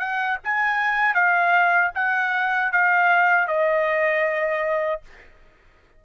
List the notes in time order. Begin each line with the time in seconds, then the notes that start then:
0.00 F#5
0.44 G#5
1.15 F5
1.95 F#5
2.72 F5
3.48 D#5